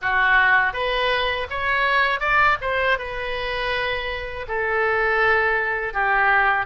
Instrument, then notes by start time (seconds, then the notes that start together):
oboe
0.01 F#4
0.73 B4
1.50 C#5
2.20 D5
2.61 C5
2.98 B4
4.48 A4
5.93 G4